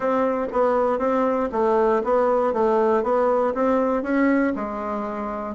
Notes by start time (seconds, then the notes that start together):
0.00 C4
0.52 B3
0.99 C4
1.52 A3
2.04 B3
2.53 A3
3.03 B3
3.54 C4
4.02 C#4
4.55 G#3